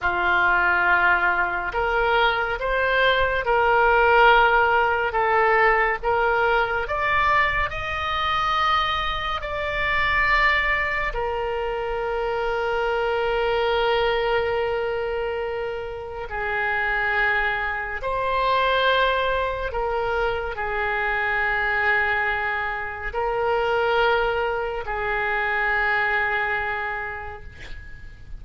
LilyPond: \new Staff \with { instrumentName = "oboe" } { \time 4/4 \tempo 4 = 70 f'2 ais'4 c''4 | ais'2 a'4 ais'4 | d''4 dis''2 d''4~ | d''4 ais'2.~ |
ais'2. gis'4~ | gis'4 c''2 ais'4 | gis'2. ais'4~ | ais'4 gis'2. | }